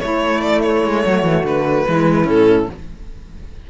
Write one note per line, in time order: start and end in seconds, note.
0.00 1.87 A3
0.00 0.84 A3
0.00 1.04 E4
0.00 0.41 C#5
0.41 0.62 D5
0.63 1.45 C#5
0.84 1.05 G#3
1.05 1.23 F#3
1.05 1.87 F#4
1.23 1.44 E3
1.44 1.85 D3
1.44 2.28 B4
1.87 2.26 E3
1.87 2.24 G#3
1.87 2.70 E4
2.24 2.67 A2
2.24 2.66 C#4
2.24 2.70 A4